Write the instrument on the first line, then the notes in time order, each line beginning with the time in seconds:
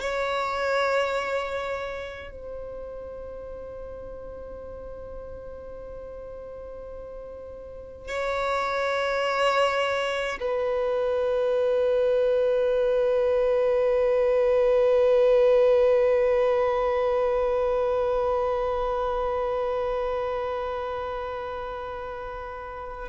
violin
0.00 C#5
2.31 C5
8.08 C#5
10.40 B4